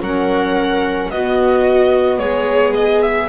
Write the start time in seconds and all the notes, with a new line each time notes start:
0.00 F#3 C#4 A#4 F#5
1.10 B3 F#4 D#5
2.18 G#3 G#4 C#5
2.74 D#5
3.01 E5